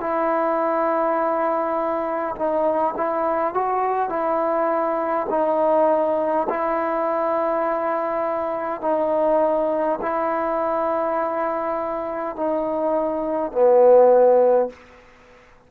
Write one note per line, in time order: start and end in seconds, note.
0.00 2.35 E4
2.36 2.95 D#4
2.97 3.54 E4
3.54 4.09 F#4
4.09 5.27 E4
5.29 6.47 D#4
6.49 8.81 E4
8.81 9.99 D#4
10.02 12.36 E4
12.36 13.52 D#4
13.52 14.70 B3